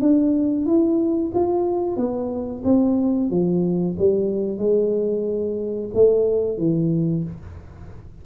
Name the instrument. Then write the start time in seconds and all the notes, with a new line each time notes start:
tuba
0.00 D4
0.66 E4
1.34 F4
1.96 B3
2.64 C4
3.30 F3
3.99 G3
4.58 G#3
5.94 A3
6.58 E3